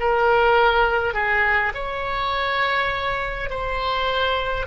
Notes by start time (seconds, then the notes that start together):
0.00 A#4
1.14 G#4
1.74 C#5
3.50 C5